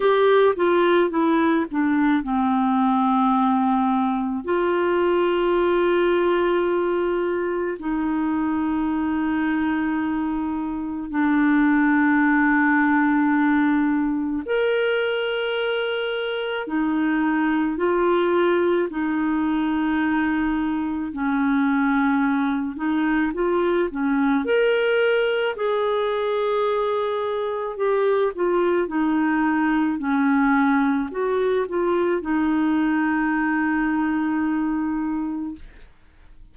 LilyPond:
\new Staff \with { instrumentName = "clarinet" } { \time 4/4 \tempo 4 = 54 g'8 f'8 e'8 d'8 c'2 | f'2. dis'4~ | dis'2 d'2~ | d'4 ais'2 dis'4 |
f'4 dis'2 cis'4~ | cis'8 dis'8 f'8 cis'8 ais'4 gis'4~ | gis'4 g'8 f'8 dis'4 cis'4 | fis'8 f'8 dis'2. | }